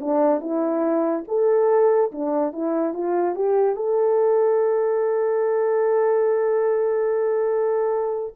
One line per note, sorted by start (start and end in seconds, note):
0.00 0.40 D4
0.40 1.23 E4
1.28 2.11 A4
2.11 2.52 D4
2.52 2.94 E4
2.94 3.35 F4
3.35 3.75 G4
3.75 8.34 A4